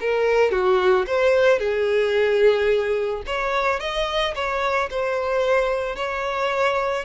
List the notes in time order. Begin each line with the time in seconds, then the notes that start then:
0.00 A#4
0.51 F#4
1.06 C5
1.59 G#4
3.26 C#5
3.80 D#5
4.35 C#5
4.90 C5
5.96 C#5